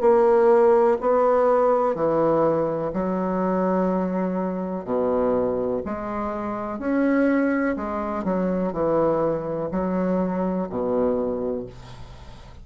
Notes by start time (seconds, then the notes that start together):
0.00 A#3
1.00 B3
1.94 E3
2.93 F#3
4.84 B2
5.85 G#3
6.79 C#4
7.76 G#3
8.24 F#3
8.72 E3
9.71 F#3
10.69 B2